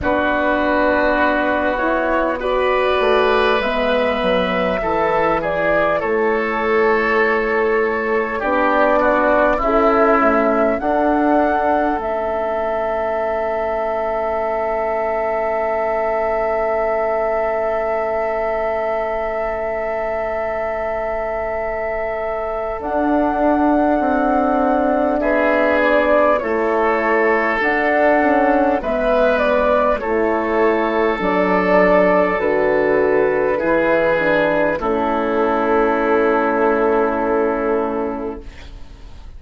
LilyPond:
<<
  \new Staff \with { instrumentName = "flute" } { \time 4/4 \tempo 4 = 50 b'4. cis''8 d''4 e''4~ | e''8 d''8 cis''2 d''4 | e''4 fis''4 e''2~ | e''1~ |
e''2. fis''4~ | fis''4 e''8 d''8 cis''4 fis''4 | e''8 d''8 cis''4 d''4 b'4~ | b'4 a'2. | }
  \new Staff \with { instrumentName = "oboe" } { \time 4/4 fis'2 b'2 | a'8 gis'8 a'2 g'8 fis'8 | e'4 a'2.~ | a'1~ |
a'1~ | a'4 gis'4 a'2 | b'4 a'2. | gis'4 e'2. | }
  \new Staff \with { instrumentName = "horn" } { \time 4/4 d'4. e'8 fis'4 b4 | e'2. d'4 | a'8 a8 d'4 cis'2~ | cis'1~ |
cis'2. d'4~ | d'2 e'4 d'8 cis'8 | b4 e'4 d'4 fis'4 | e'8 d'8 cis'2. | }
  \new Staff \with { instrumentName = "bassoon" } { \time 4/4 b2~ b8 a8 gis8 fis8 | e4 a2 b4 | cis'4 d'4 a2~ | a1~ |
a2. d'4 | c'4 b4 a4 d'4 | gis4 a4 fis4 d4 | e4 a2. | }
>>